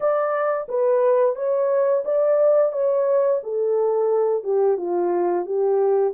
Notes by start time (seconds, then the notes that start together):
0.00 D5
0.68 B4
1.35 C#5
2.05 D5
2.72 C#5
3.43 A4
4.43 G4
4.77 F4
5.45 G4